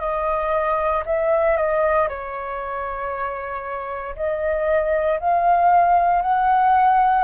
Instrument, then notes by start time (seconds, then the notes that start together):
flute
0.00 D#5
1.06 E5
1.57 D#5
2.09 C#5
4.16 D#5
5.20 F5
6.22 F#5